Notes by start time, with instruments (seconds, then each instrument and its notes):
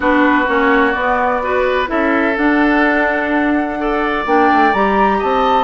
0.00 bassoon B3, clarinet D4, oboe F#4, flute B4
0.46 bassoon A#3, clarinet C#4, flute C#5
0.92 clarinet B3, bassoon B3, flute D5
1.42 clarinet F#4, oboe B4
1.85 bassoon C#4, clarinet E4, oboe A4, flute E5
2.37 bassoon D4, clarinet D4, flute F#5
3.78 clarinet A4, oboe D5
4.25 bassoon A#3, clarinet D4, flute G5
4.52 bassoon A3
4.73 bassoon G3, clarinet G4, flute A#5
5.18 bassoon C4, oboe D#5, flute A5